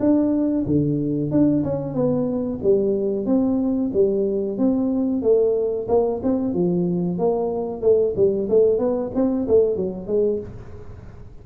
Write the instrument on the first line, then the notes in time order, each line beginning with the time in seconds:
tuba
0.00 D4
0.66 D3
1.31 D4
1.64 C#4
1.95 B3
2.63 G3
3.26 C4
3.94 G3
4.58 C4
5.22 A3
5.89 A#3
6.23 C4
6.54 F3
7.19 A#3
7.82 A3
8.16 G3
8.50 A3
8.79 B3
9.15 C4
9.48 A3
9.76 F#3
10.07 G#3